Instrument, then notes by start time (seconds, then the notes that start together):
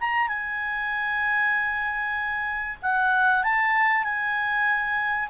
clarinet
0.00 A#5
0.28 G#5
2.82 F#5
3.43 A5
4.04 G#5